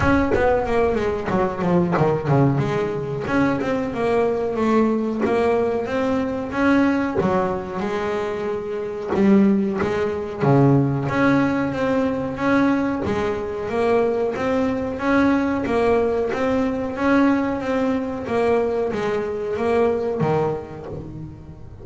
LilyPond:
\new Staff \with { instrumentName = "double bass" } { \time 4/4 \tempo 4 = 92 cis'8 b8 ais8 gis8 fis8 f8 dis8 cis8 | gis4 cis'8 c'8 ais4 a4 | ais4 c'4 cis'4 fis4 | gis2 g4 gis4 |
cis4 cis'4 c'4 cis'4 | gis4 ais4 c'4 cis'4 | ais4 c'4 cis'4 c'4 | ais4 gis4 ais4 dis4 | }